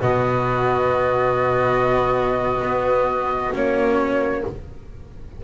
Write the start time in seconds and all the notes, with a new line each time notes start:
0.00 B2 B3 F#4 D#5
2.62 B3
3.53 A#3 C#4 C#5